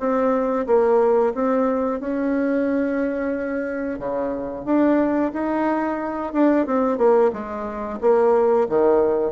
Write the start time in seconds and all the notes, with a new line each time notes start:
0.00 C4
0.67 A#3
1.34 C4
2.01 C#4
3.99 C#3
4.65 D4
5.33 D#4
6.34 D4
6.67 C4
6.98 A#3
7.33 G#3
8.01 A#3
8.69 D#3